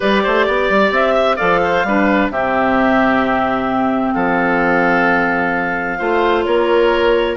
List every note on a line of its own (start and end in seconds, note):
0.00 0.25 G3
0.00 1.38 G4
0.00 0.23 B4
0.00 0.93 D5
0.23 0.47 A3
0.23 0.46 C5
0.46 0.69 B3
0.46 1.14 D5
0.69 0.91 G3
0.91 1.37 C4
0.91 1.36 E5
1.14 1.36 E5
1.36 1.83 F3
1.36 1.84 A4
1.36 1.59 D5
1.36 2.29 F5
1.63 1.86 C5
1.83 2.29 G3
1.83 2.33 D4
1.83 2.32 B4
2.29 4.14 C3
2.29 5.99 C4
2.29 4.14 G4
2.29 4.13 E5
4.13 6.00 F3
4.13 5.98 A4
4.13 6.43 F5
5.98 6.46 A3
5.98 7.37 F4
5.98 6.44 C5
6.44 7.37 A#3
6.44 7.37 A#4
6.44 7.36 C#5